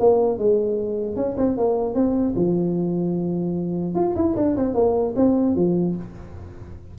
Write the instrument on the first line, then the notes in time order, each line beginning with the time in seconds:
tuba
0.00 A#3
0.39 G#3
1.16 C#4
1.37 C4
1.57 A#3
1.95 C4
2.36 F3
3.95 F4
4.16 E4
4.36 D4
4.57 C4
4.75 A#3
5.17 C4
5.56 F3